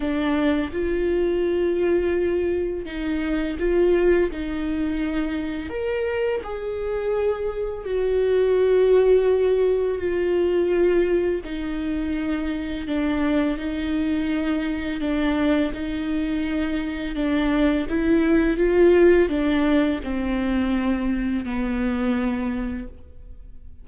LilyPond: \new Staff \with { instrumentName = "viola" } { \time 4/4 \tempo 4 = 84 d'4 f'2. | dis'4 f'4 dis'2 | ais'4 gis'2 fis'4~ | fis'2 f'2 |
dis'2 d'4 dis'4~ | dis'4 d'4 dis'2 | d'4 e'4 f'4 d'4 | c'2 b2 | }